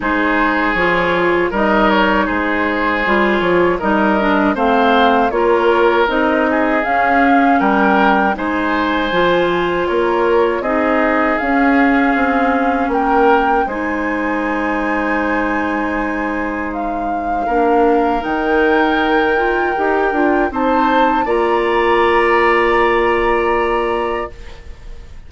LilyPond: <<
  \new Staff \with { instrumentName = "flute" } { \time 4/4 \tempo 4 = 79 c''4 cis''4 dis''8 cis''8 c''4~ | c''8 cis''8 dis''4 f''4 cis''4 | dis''4 f''4 g''4 gis''4~ | gis''4 cis''4 dis''4 f''4~ |
f''4 g''4 gis''2~ | gis''2 f''2 | g''2. a''4 | ais''1 | }
  \new Staff \with { instrumentName = "oboe" } { \time 4/4 gis'2 ais'4 gis'4~ | gis'4 ais'4 c''4 ais'4~ | ais'8 gis'4. ais'4 c''4~ | c''4 ais'4 gis'2~ |
gis'4 ais'4 c''2~ | c''2. ais'4~ | ais'2. c''4 | d''1 | }
  \new Staff \with { instrumentName = "clarinet" } { \time 4/4 dis'4 f'4 dis'2 | f'4 dis'8 d'8 c'4 f'4 | dis'4 cis'2 dis'4 | f'2 dis'4 cis'4~ |
cis'2 dis'2~ | dis'2. d'4 | dis'4. f'8 g'8 f'8 dis'4 | f'1 | }
  \new Staff \with { instrumentName = "bassoon" } { \time 4/4 gis4 f4 g4 gis4 | g8 f8 g4 a4 ais4 | c'4 cis'4 g4 gis4 | f4 ais4 c'4 cis'4 |
c'4 ais4 gis2~ | gis2. ais4 | dis2 dis'8 d'8 c'4 | ais1 | }
>>